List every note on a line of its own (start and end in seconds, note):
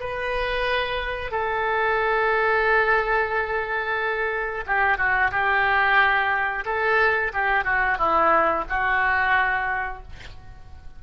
0.00 1.31 B4
1.31 4.65 A4
4.66 4.98 G4
4.98 5.31 F#4
5.31 6.65 G4
6.65 7.32 A4
7.33 7.65 G4
7.65 7.98 F#4
7.98 8.65 E4
8.69 10.03 F#4